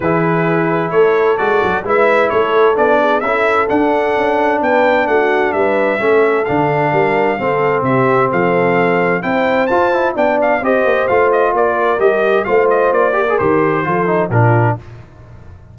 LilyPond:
<<
  \new Staff \with { instrumentName = "trumpet" } { \time 4/4 \tempo 4 = 130 b'2 cis''4 d''4 | e''4 cis''4 d''4 e''4 | fis''2 g''4 fis''4 | e''2 f''2~ |
f''4 e''4 f''2 | g''4 a''4 g''8 f''8 dis''4 | f''8 dis''8 d''4 dis''4 f''8 dis''8 | d''4 c''2 ais'4 | }
  \new Staff \with { instrumentName = "horn" } { \time 4/4 gis'2 a'2 | b'4 a'4. gis'8 a'4~ | a'2 b'4 fis'4 | b'4 a'2 ais'4 |
a'4 g'4 a'2 | c''2 d''4 c''4~ | c''4 ais'2 c''4~ | c''8 ais'4. a'4 f'4 | }
  \new Staff \with { instrumentName = "trombone" } { \time 4/4 e'2. fis'4 | e'2 d'4 e'4 | d'1~ | d'4 cis'4 d'2 |
c'1 | e'4 f'8 e'8 d'4 g'4 | f'2 g'4 f'4~ | f'8 g'16 gis'16 g'4 f'8 dis'8 d'4 | }
  \new Staff \with { instrumentName = "tuba" } { \time 4/4 e2 a4 gis8 fis8 | gis4 a4 b4 cis'4 | d'4 cis'4 b4 a4 | g4 a4 d4 g4 |
c'4 c4 f2 | c'4 f'4 b4 c'8 ais8 | a4 ais4 g4 a4 | ais4 dis4 f4 ais,4 | }
>>